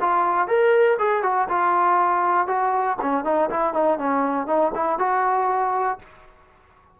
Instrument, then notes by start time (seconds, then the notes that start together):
trombone
0.00 F4
0.47 A#4
0.98 G#4
1.23 F#4
1.49 F4
2.47 F#4
3.01 C#4
3.24 D#4
3.50 E4
3.73 D#4
3.98 C#4
4.47 D#4
4.75 E4
4.98 F#4